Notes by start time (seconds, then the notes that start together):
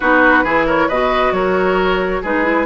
0.00 B3 D#4 F#4 B4
0.43 E3 E4 G#4
0.66 A#4 C#5
0.88 B2 F#4 B4 D#5
1.31 F#3 A#4 C#5
2.22 G#3 D#4 G#4 B4
2.43 E4